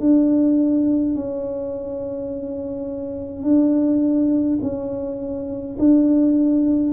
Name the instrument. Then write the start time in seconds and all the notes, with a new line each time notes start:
tuba
0.00 D4
1.15 C#4
3.44 D4
4.62 C#4
5.79 D4